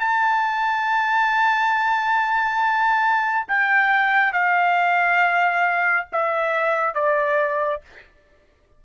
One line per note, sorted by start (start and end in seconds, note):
0.00 3.48 A5
3.49 4.33 G5
4.33 6.07 F5
6.13 6.94 E5
6.94 7.81 D5